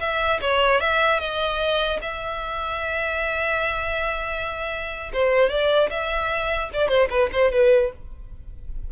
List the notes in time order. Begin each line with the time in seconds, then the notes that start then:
0.00 E5
0.41 C#5
0.80 E5
1.20 D#5
2.02 E5
5.13 C5
5.50 D5
5.90 E5
6.73 D5
6.89 C5
7.10 B4
7.32 C5
7.52 B4